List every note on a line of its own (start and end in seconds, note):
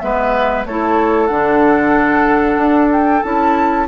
0.00 0.65 G#3
0.00 0.65 B3
0.00 0.68 B4
0.00 0.65 E5
0.65 1.30 A3
0.65 1.29 E4
0.65 3.88 A4
0.65 1.27 C#5
1.27 2.58 D3
1.27 3.23 D4
1.27 2.88 F#5
2.58 3.22 D4
2.92 3.23 G5
3.23 3.88 C#4
3.23 3.88 E4
3.23 3.88 A5